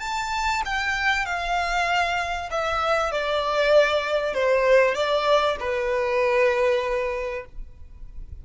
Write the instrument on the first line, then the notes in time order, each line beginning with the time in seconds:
violin
0.00 A5
0.65 G5
1.26 F5
2.51 E5
3.11 D5
4.34 C5
4.95 D5
5.60 B4